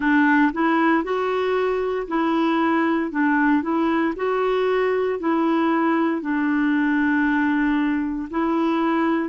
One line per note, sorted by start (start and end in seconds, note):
0.00 0.52 D4
0.53 1.03 E4
1.03 2.07 F#4
2.07 3.11 E4
3.11 3.62 D4
3.62 4.14 E4
4.16 5.19 F#4
5.20 6.21 E4
6.21 8.28 D4
8.30 9.29 E4